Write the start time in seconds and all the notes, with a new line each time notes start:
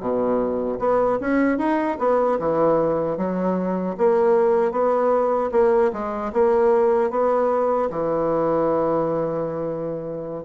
0.00 B2
0.79 B3
1.21 C#4
1.58 D#4
1.99 B3
2.39 E3
3.17 F#3
3.98 A#3
4.72 B3
5.52 A#3
5.93 G#3
6.33 A#3
7.11 B3
7.90 E3